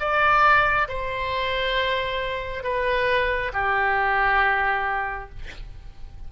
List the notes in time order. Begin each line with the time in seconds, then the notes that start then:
0.00 D5
0.89 C5
2.64 B4
3.53 G4